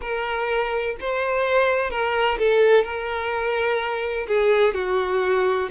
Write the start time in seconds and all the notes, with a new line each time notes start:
0.01 A#4
1.00 C5
1.90 A#4
2.38 A4
2.84 A#4
4.27 G#4
4.74 F#4